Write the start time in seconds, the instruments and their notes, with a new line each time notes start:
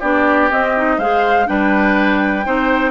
0.00 bassoon B3, clarinet D4, oboe G4, flute D5
0.51 clarinet C4, bassoon C4, flute D#5
0.76 clarinet D#4
0.98 bassoon G#3, clarinet G#4, oboe C5, flute F5
1.46 bassoon G3, clarinet D4, oboe B4, flute G5
2.45 bassoon C4, clarinet D#4, oboe C5